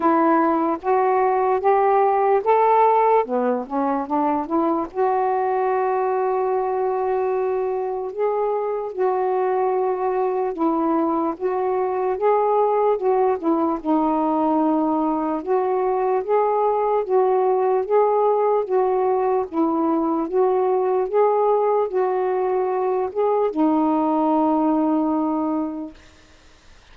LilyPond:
\new Staff \with { instrumentName = "saxophone" } { \time 4/4 \tempo 4 = 74 e'4 fis'4 g'4 a'4 | b8 cis'8 d'8 e'8 fis'2~ | fis'2 gis'4 fis'4~ | fis'4 e'4 fis'4 gis'4 |
fis'8 e'8 dis'2 fis'4 | gis'4 fis'4 gis'4 fis'4 | e'4 fis'4 gis'4 fis'4~ | fis'8 gis'8 dis'2. | }